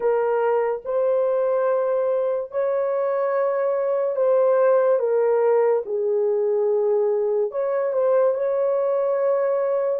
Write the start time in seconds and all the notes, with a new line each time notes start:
0.00 A#4
0.84 C5
2.51 C#5
4.16 C5
4.98 A#4
5.85 G#4
7.51 C#5
7.92 C5
8.34 C#5